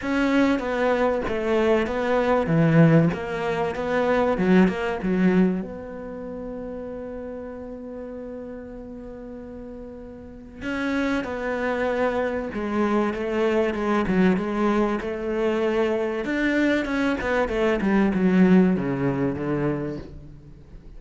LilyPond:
\new Staff \with { instrumentName = "cello" } { \time 4/4 \tempo 4 = 96 cis'4 b4 a4 b4 | e4 ais4 b4 fis8 ais8 | fis4 b2.~ | b1~ |
b4 cis'4 b2 | gis4 a4 gis8 fis8 gis4 | a2 d'4 cis'8 b8 | a8 g8 fis4 cis4 d4 | }